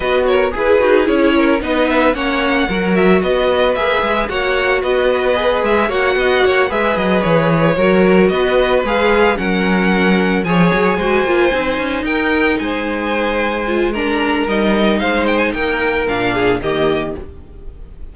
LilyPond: <<
  \new Staff \with { instrumentName = "violin" } { \time 4/4 \tempo 4 = 112 dis''8 cis''8 b'4 cis''4 dis''8 e''8 | fis''4. e''8 dis''4 e''4 | fis''4 dis''4. e''8 fis''4~ | fis''8 e''8 dis''8 cis''2 dis''8~ |
dis''8 f''4 fis''2 gis''8~ | gis''2~ gis''8 g''4 gis''8~ | gis''2 ais''4 dis''4 | f''8 g''16 gis''16 g''4 f''4 dis''4 | }
  \new Staff \with { instrumentName = "violin" } { \time 4/4 b'8 ais'8 gis'4. ais'8 b'4 | cis''4 ais'4 b'2 | cis''4 b'2 cis''8 dis''8 | cis''8 b'2 ais'4 b'8~ |
b'4. ais'2 cis''8~ | cis''8 c''2 ais'4 c''8~ | c''2 ais'2 | c''4 ais'4. gis'8 g'4 | }
  \new Staff \with { instrumentName = "viola" } { \time 4/4 fis'4 gis'8 fis'8 e'4 dis'4 | cis'4 fis'2 gis'4 | fis'2 gis'4 fis'4~ | fis'8 gis'2 fis'4.~ |
fis'8 gis'4 cis'2 gis'8~ | gis'8 fis'8 f'8 dis'2~ dis'8~ | dis'4. f'8 d'4 dis'4~ | dis'2 d'4 ais4 | }
  \new Staff \with { instrumentName = "cello" } { \time 4/4 b4 e'8 dis'8 cis'4 b4 | ais4 fis4 b4 ais8 gis8 | ais4 b4. gis8 ais8 b8 | ais8 gis8 fis8 e4 fis4 b8~ |
b8 gis4 fis2 f8 | fis8 gis8 ais8 c'8 cis'8 dis'4 gis8~ | gis2. g4 | gis4 ais4 ais,4 dis4 | }
>>